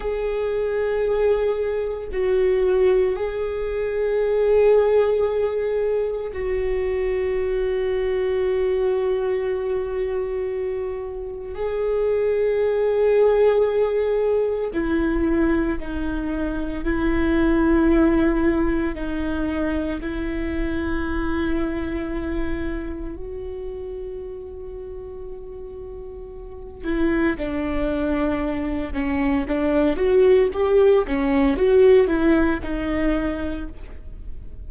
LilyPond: \new Staff \with { instrumentName = "viola" } { \time 4/4 \tempo 4 = 57 gis'2 fis'4 gis'4~ | gis'2 fis'2~ | fis'2. gis'4~ | gis'2 e'4 dis'4 |
e'2 dis'4 e'4~ | e'2 fis'2~ | fis'4. e'8 d'4. cis'8 | d'8 fis'8 g'8 cis'8 fis'8 e'8 dis'4 | }